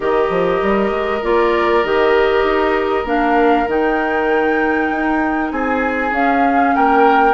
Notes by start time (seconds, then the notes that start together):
0.00 D#3 G4 A#4 D#5
0.29 F3
0.62 G3
0.90 G#3
1.22 A#3 F4 D5
1.84 D#3 G4 D#5
2.43 D#4
3.04 A#3 D4 F5
3.67 D#3 D#4 G5
4.90 D#4
5.51 C4 G#4 G#5
6.11 C#4 F5
6.75 A#3 A#4 G5